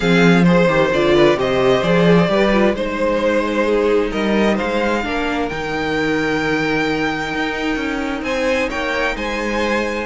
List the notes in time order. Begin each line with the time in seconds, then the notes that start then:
0.00 F3 C4 G#4 F5
0.43 G#4 C5
0.68 D#3 G4
0.93 D3 F4 D5
1.14 B4
1.35 C3 G4 C5 D#5
1.82 F3 G#4 D5
2.27 G3 G4 B4
2.53 F4
2.73 G#3 D#4 C5
3.65 G#4
4.10 G3 A#4 D#5
4.55 C5 F5
4.61 G#3
5.03 A#3 D4 A#4
5.48 D#3 D#4 G5
7.33 D#4
7.76 C#4
8.22 C4 C5 G#5
8.69 A#3 C#5 G5
9.15 G#3 C5 G#5